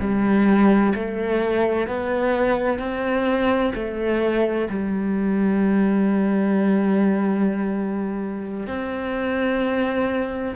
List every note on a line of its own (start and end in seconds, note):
0.00 0.94 G3
0.95 1.87 A3
1.87 2.79 B3
2.79 3.73 C4
3.75 4.69 A3
4.70 8.68 G3
8.68 10.55 C4